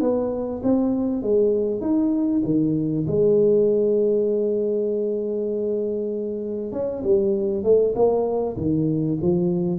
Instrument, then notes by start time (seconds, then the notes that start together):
tuba
0.00 B3
0.63 C4
1.22 G#3
1.81 D#4
2.45 D#3
3.07 G#3
6.72 C#4
7.03 G3
7.63 A3
7.95 A#3
8.57 D#3
9.21 F3